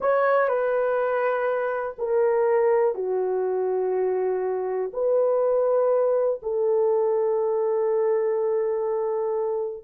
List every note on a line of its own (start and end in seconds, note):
0.00 0.48 C#5
0.48 1.96 B4
1.98 2.94 A#4
2.94 4.91 F#4
4.93 6.40 B4
6.42 9.84 A4